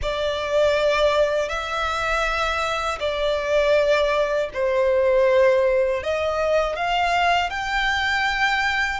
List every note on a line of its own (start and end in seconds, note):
0.02 1.48 D5
1.48 2.98 E5
2.99 4.49 D5
4.53 6.03 C5
6.03 6.75 D#5
6.75 7.50 F5
7.50 9.00 G5